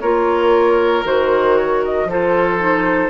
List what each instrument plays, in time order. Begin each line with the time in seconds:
0.00 bassoon A#3, clarinet F4, oboe A#4, flute C#5
1.04 bassoon D#3, clarinet F#4, flute C5
1.58 flute C#5
1.84 flute D#5
2.05 bassoon F3, clarinet F4, oboe A4
2.12 flute C5
2.58 clarinet D#4